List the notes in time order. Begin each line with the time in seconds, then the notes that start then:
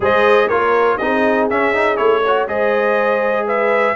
0.00 G#3 G#4 C5 D#5
0.47 A#3 F4 A#4 C#5
0.97 C4 D#4 G#4 D#5
1.49 C#4 E5
1.74 D#4
1.96 A3 E4 C#5
2.23 F#4 C#5
2.47 G#3 G#4 C5 D#5
3.45 B4 E5